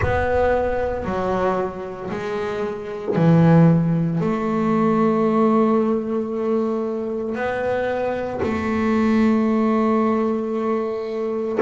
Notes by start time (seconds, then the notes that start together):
0.01 B3
1.04 F#3
2.10 G#3
3.15 E3
4.20 A3
7.34 B3
8.43 A3